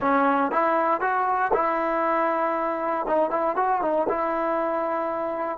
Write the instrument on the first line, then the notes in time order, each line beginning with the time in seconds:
trombone
0.00 C#4
0.51 E4
1.00 F#4
1.53 E4
3.06 D#4
3.30 E4
3.56 F#4
3.81 D#4
4.08 E4